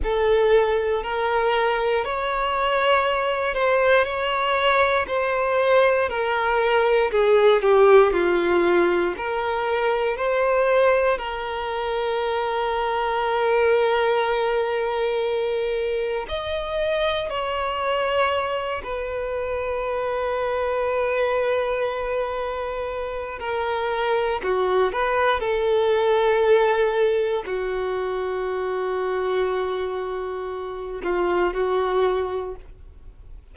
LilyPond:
\new Staff \with { instrumentName = "violin" } { \time 4/4 \tempo 4 = 59 a'4 ais'4 cis''4. c''8 | cis''4 c''4 ais'4 gis'8 g'8 | f'4 ais'4 c''4 ais'4~ | ais'1 |
dis''4 cis''4. b'4.~ | b'2. ais'4 | fis'8 b'8 a'2 fis'4~ | fis'2~ fis'8 f'8 fis'4 | }